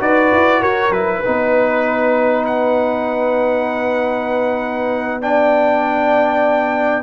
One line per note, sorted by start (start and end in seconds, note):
0.00 0.32 D#4
0.00 0.92 F#4
0.00 0.61 B4
0.00 0.63 D5
0.33 0.63 E4
0.61 0.90 F#4
0.61 1.19 A#4
0.61 0.92 C#5
0.90 1.21 F#3
0.90 1.24 E4
0.90 2.45 B4
1.19 5.22 D#4
1.19 5.17 B4
1.28 7.04 B3
2.46 5.22 F#5
5.22 7.04 D4
5.22 7.04 D5
5.22 7.04 G5